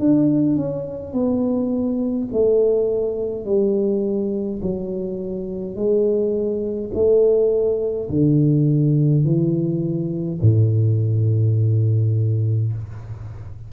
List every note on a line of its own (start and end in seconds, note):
0.00 0.57 D4
0.57 1.13 C#4
1.13 2.29 B3
2.33 3.46 A3
3.46 4.61 G3
4.63 5.76 F#3
5.76 6.91 G#3
6.94 8.10 A3
8.10 9.25 D3
9.25 10.40 E3
10.42 12.73 A2